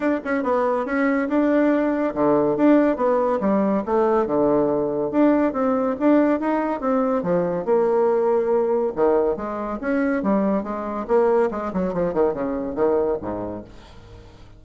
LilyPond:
\new Staff \with { instrumentName = "bassoon" } { \time 4/4 \tempo 4 = 141 d'8 cis'8 b4 cis'4 d'4~ | d'4 d4 d'4 b4 | g4 a4 d2 | d'4 c'4 d'4 dis'4 |
c'4 f4 ais2~ | ais4 dis4 gis4 cis'4 | g4 gis4 ais4 gis8 fis8 | f8 dis8 cis4 dis4 gis,4 | }